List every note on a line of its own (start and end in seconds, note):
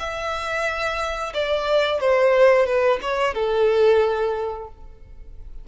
0.00 1.33 E5
1.35 2.01 D5
2.01 2.67 C5
2.67 3.00 B4
3.02 3.35 C#5
3.35 4.68 A4